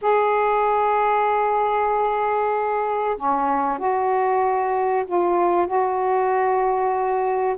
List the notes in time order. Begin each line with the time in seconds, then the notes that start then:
0.01 G#4
3.16 C#4
3.78 F#4
5.06 F4
5.66 F#4